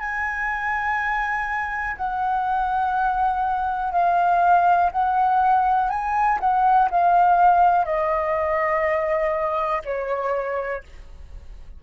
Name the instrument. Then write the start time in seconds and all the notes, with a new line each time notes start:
flute
0.00 G#5
1.97 F#5
3.93 F5
4.92 F#5
5.90 G#5
6.40 F#5
6.91 F5
7.86 D#5
9.85 C#5